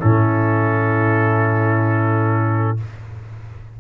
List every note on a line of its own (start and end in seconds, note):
0.00 2.80 A2
0.00 2.77 C#4
0.00 2.77 E4
0.00 2.77 A4